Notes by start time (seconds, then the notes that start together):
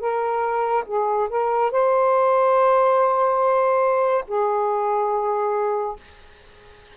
0.00 A#4
0.87 G#4
1.30 A#4
1.71 C5
4.28 G#4